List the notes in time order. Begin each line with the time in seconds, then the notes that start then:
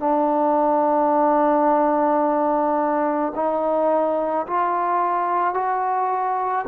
0.00 D4
3.36 D#4
4.47 F4
5.55 F#4